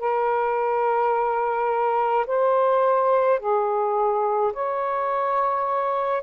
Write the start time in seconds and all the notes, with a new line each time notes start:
0.00 A#4
2.27 C5
3.40 G#4
4.53 C#5